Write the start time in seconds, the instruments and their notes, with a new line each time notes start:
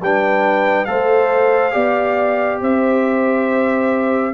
0.00 tuba G3, trombone D4, horn B4, trumpet G5
0.84 tuba A3, trombone A4, horn C5, trumpet F5
1.71 tuba B3, trombone G4, horn D5
2.61 tuba C4, horn C5, trumpet E5